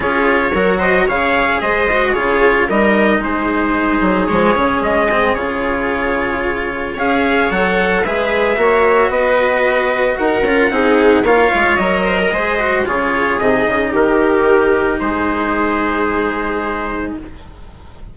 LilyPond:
<<
  \new Staff \with { instrumentName = "trumpet" } { \time 4/4 \tempo 4 = 112 cis''4. dis''8 f''4 dis''4 | cis''4 dis''4 c''2 | cis''4 dis''4 cis''2~ | cis''4 f''4 fis''4 e''4~ |
e''4 dis''2 fis''4~ | fis''4 f''4 dis''2 | cis''4 dis''4 ais'2 | c''1 | }
  \new Staff \with { instrumentName = "viola" } { \time 4/4 gis'4 ais'8 c''8 cis''4 c''4 | gis'4 ais'4 gis'2~ | gis'1~ | gis'4 cis''2 b'4 |
cis''4 b'2 ais'4 | gis'4 cis''4. c''16 ais'16 c''4 | gis'2 g'2 | gis'1 | }
  \new Staff \with { instrumentName = "cello" } { \time 4/4 f'4 fis'4 gis'4. fis'8 | f'4 dis'2. | gis8 cis'4 c'8 f'2~ | f'4 gis'4 a'4 gis'4 |
fis'2.~ fis'8 f'8 | dis'4 f'4 ais'4 gis'8 fis'8 | f'4 dis'2.~ | dis'1 | }
  \new Staff \with { instrumentName = "bassoon" } { \time 4/4 cis'4 fis4 cis4 gis4 | cis4 g4 gis4. fis8 | f8 cis8 gis4 cis2~ | cis4 cis'4 fis4 gis4 |
ais4 b2 dis'8 cis'8 | c'4 ais8 gis8 fis4 gis4 | cis4 c8 cis8 dis2 | gis1 | }
>>